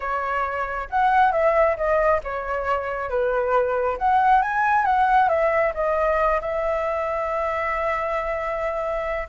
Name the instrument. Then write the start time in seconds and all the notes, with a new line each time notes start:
flute
0.00 C#5
0.89 F#5
1.32 E5
1.76 D#5
2.23 C#5
3.09 B4
3.97 F#5
4.42 G#5
4.85 F#5
5.28 E5
5.74 D#5
6.41 E5